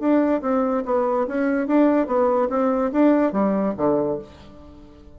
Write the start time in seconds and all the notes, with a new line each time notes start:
0.00 D4
0.42 C4
0.85 B3
1.28 C#4
1.67 D4
2.07 B3
2.50 C4
2.93 D4
3.33 G3
3.77 D3